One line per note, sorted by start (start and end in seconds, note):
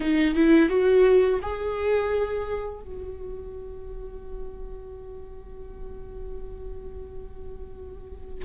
0.00 0.35 D#4
0.35 0.69 E4
0.69 1.40 F#4
1.41 2.81 G#4
2.81 8.44 F#4